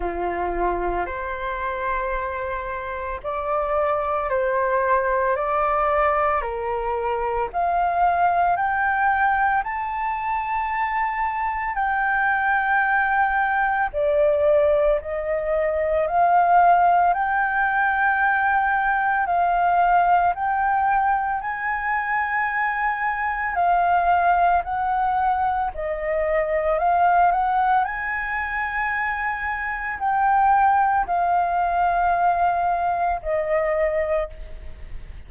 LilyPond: \new Staff \with { instrumentName = "flute" } { \time 4/4 \tempo 4 = 56 f'4 c''2 d''4 | c''4 d''4 ais'4 f''4 | g''4 a''2 g''4~ | g''4 d''4 dis''4 f''4 |
g''2 f''4 g''4 | gis''2 f''4 fis''4 | dis''4 f''8 fis''8 gis''2 | g''4 f''2 dis''4 | }